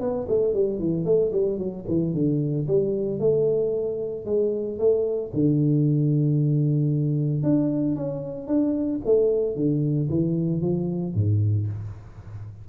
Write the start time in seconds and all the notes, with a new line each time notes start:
0.00 B3
0.28 A3
0.54 G3
0.79 E3
1.05 A3
1.32 G3
1.58 F#3
1.88 E3
2.14 D3
2.67 G3
3.19 A3
4.25 G#3
4.78 A3
5.33 D3
7.43 D4
7.96 C#4
8.47 D4
9.05 A3
9.56 D3
10.09 E3
10.61 F3
11.14 G#2